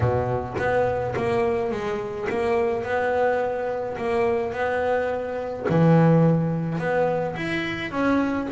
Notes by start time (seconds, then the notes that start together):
0.00 B2
0.58 B3
1.16 A#3
1.71 G#3
2.29 A#3
2.83 B3
3.97 A#3
4.53 B3
5.69 E3
6.78 B3
7.36 E4
7.91 C#4